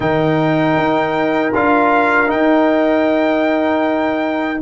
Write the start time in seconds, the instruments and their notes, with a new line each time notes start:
0.00 tuba D#3, trombone D#4, horn A#4, trumpet G5
0.76 tuba D#4
1.54 tuba D4, trombone F4, trumpet F5
2.26 trombone D#4, tuba D#4, trumpet G5